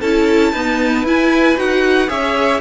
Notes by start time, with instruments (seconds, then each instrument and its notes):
0.00 cello C#4, viola E4, violin A4 A5
0.52 viola B3, cello D#4, violin B4
1.03 cello E4, viola E4, violin G#5
1.56 cello D#4, viola F#4, violin F#5
2.07 cello C#4, viola G#4, violin C#5 E5